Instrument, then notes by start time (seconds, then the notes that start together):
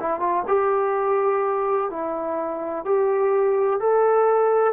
trombone
0.00 E4
0.19 F4
0.47 G4
1.90 E4
2.85 G4
3.80 A4